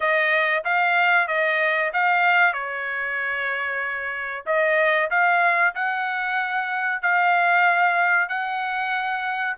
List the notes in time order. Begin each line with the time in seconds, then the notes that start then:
0.00 D#5
0.64 F5
1.27 D#5
1.93 F5
2.53 C#5
4.46 D#5
5.10 F5
5.74 F#5
7.02 F5
8.29 F#5